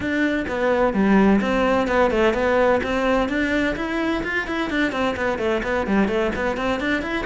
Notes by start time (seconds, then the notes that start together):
0.00 D4
0.48 B3
0.93 G3
1.41 C4
1.87 B3
2.10 A3
2.33 B3
2.83 C4
3.28 D4
3.76 E4
4.23 F4
4.47 E4
4.69 D4
4.92 C4
5.16 B3
5.38 A3
5.63 B3
5.87 G3
6.07 A3
6.35 B3
6.56 C4
6.79 D4
7.02 E4